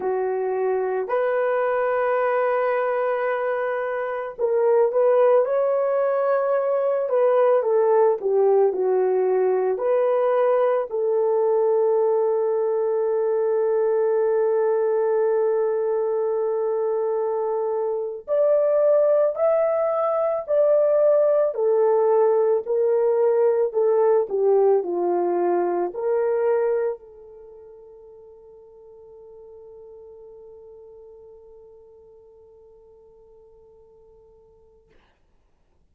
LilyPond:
\new Staff \with { instrumentName = "horn" } { \time 4/4 \tempo 4 = 55 fis'4 b'2. | ais'8 b'8 cis''4. b'8 a'8 g'8 | fis'4 b'4 a'2~ | a'1~ |
a'8. d''4 e''4 d''4 a'16~ | a'8. ais'4 a'8 g'8 f'4 ais'16~ | ais'8. a'2.~ a'16~ | a'1 | }